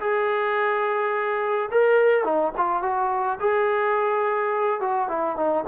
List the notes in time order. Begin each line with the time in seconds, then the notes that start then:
0.00 G#4
1.71 A#4
2.24 D#4
2.57 F4
2.82 F#4
3.40 G#4
4.80 F#4
5.08 E4
5.36 D#4